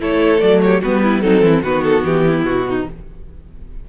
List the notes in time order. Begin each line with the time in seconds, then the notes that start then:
0.00 A3 E4 A4 C#5
0.40 F#3 A3 D5
0.62 G4 C#5
0.82 G3 B3 F#4 B4
1.03 E4
1.22 F#3 C4 D#4 A4
1.42 E3 E4
1.63 D#3 B3 F#4 B4
1.84 A4
2.05 E3 G4
2.28 E4
2.45 B2 F#4
2.69 D#4